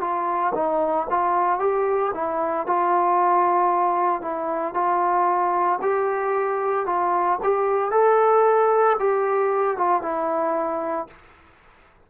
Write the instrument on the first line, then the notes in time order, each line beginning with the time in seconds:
trombone
0.00 F4
0.54 D#4
1.10 F4
1.59 G4
2.14 E4
2.66 F4
4.22 E4
4.74 F4
5.81 G4
6.86 F4
7.43 G4
7.91 A4
8.99 G4
9.77 F4
10.02 E4